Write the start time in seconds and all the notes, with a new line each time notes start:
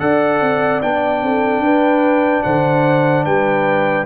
0.00 D4 A4 D5 F#5
0.41 C4
0.82 B3 D4 G5
1.22 C4 A4
1.60 D4 B4
2.43 D3 C5 F#5
3.25 G3 B4 G5